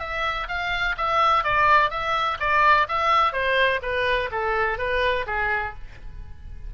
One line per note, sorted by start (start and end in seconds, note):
0.00 0.48 E5
0.48 0.96 F5
0.98 1.44 E5
1.44 1.90 D5
1.90 2.38 E5
2.40 2.88 D5
2.89 3.33 E5
3.33 3.81 C5
3.82 4.30 B4
4.32 4.79 A4
4.79 5.26 B4
5.27 5.74 G#4